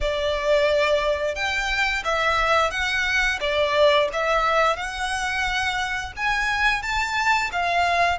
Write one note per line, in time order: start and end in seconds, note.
0.00 1.35 D5
1.35 2.03 G5
2.04 2.71 E5
2.71 3.39 F#5
3.40 4.08 D5
4.12 4.76 E5
4.76 6.12 F#5
6.16 6.82 G#5
6.82 7.50 A5
7.52 8.18 F5